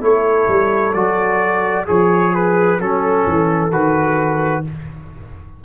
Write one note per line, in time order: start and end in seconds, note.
0.00 0.47 A3
0.00 0.92 E4
0.00 1.85 A4
0.00 0.93 C#5
0.48 0.94 G3
0.93 1.87 F#3
0.93 1.86 F#4
0.93 1.85 D5
1.85 2.79 F3
1.85 2.78 G#4
1.85 2.34 C#5
2.34 2.80 B4
2.78 3.25 F#3
2.78 3.71 C#4
2.78 4.63 A4
2.78 3.72 A4
3.26 3.70 E3
3.70 4.63 D#3
3.70 4.64 F#4
3.70 4.64 B4